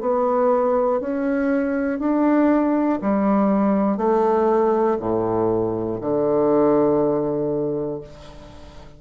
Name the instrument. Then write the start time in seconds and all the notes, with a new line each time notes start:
bassoon
0.00 B3
1.00 C#4
1.99 D4
3.01 G3
3.97 A3
5.00 A2
6.00 D3